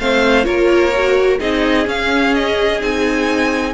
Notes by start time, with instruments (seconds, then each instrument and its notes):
0.00 cello A3, viola C4, violin C5 F5
0.45 cello A#3, viola F4, violin A#4 C#5
0.97 viola F#4
1.39 cello C4, viola D#4, violin G#4 D#5
1.86 viola C#4, cello C#4, violin F5
2.35 violin D#5
2.81 cello C4, viola D#4, violin G#5